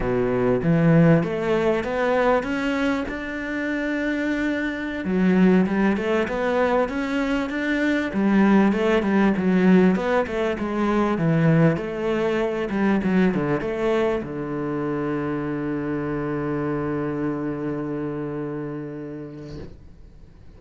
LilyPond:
\new Staff \with { instrumentName = "cello" } { \time 4/4 \tempo 4 = 98 b,4 e4 a4 b4 | cis'4 d'2.~ | d'16 fis4 g8 a8 b4 cis'8.~ | cis'16 d'4 g4 a8 g8 fis8.~ |
fis16 b8 a8 gis4 e4 a8.~ | a8. g8 fis8 d8 a4 d8.~ | d1~ | d1 | }